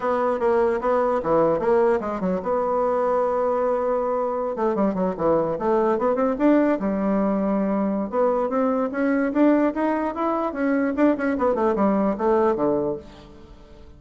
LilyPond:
\new Staff \with { instrumentName = "bassoon" } { \time 4/4 \tempo 4 = 148 b4 ais4 b4 e4 | ais4 gis8 fis8 b2~ | b2.~ b16 a8 g16~ | g16 fis8 e4 a4 b8 c'8 d'16~ |
d'8. g2.~ g16 | b4 c'4 cis'4 d'4 | dis'4 e'4 cis'4 d'8 cis'8 | b8 a8 g4 a4 d4 | }